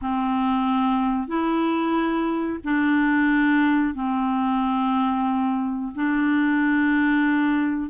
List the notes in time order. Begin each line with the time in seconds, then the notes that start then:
0.01 C4
1.27 E4
2.63 D4
3.94 C4
5.95 D4